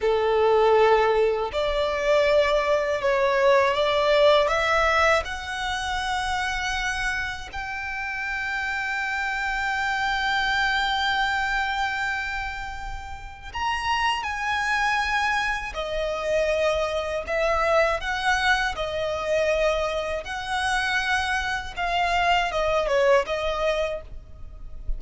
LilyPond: \new Staff \with { instrumentName = "violin" } { \time 4/4 \tempo 4 = 80 a'2 d''2 | cis''4 d''4 e''4 fis''4~ | fis''2 g''2~ | g''1~ |
g''2 ais''4 gis''4~ | gis''4 dis''2 e''4 | fis''4 dis''2 fis''4~ | fis''4 f''4 dis''8 cis''8 dis''4 | }